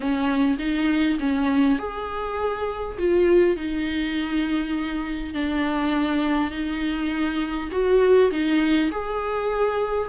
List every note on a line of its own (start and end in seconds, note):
0.00 0.57 C#4
0.58 1.18 D#4
1.19 1.78 C#4
1.78 2.97 G#4
2.98 3.56 F4
3.56 5.34 D#4
5.34 6.50 D4
6.50 7.69 D#4
7.71 8.31 F#4
8.31 8.90 D#4
8.91 10.09 G#4